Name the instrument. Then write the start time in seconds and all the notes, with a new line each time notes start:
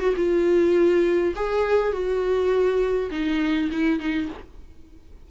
viola
0.00 F#4
0.17 F4
1.36 G#4
1.93 F#4
3.11 D#4
3.72 E4
4.00 D#4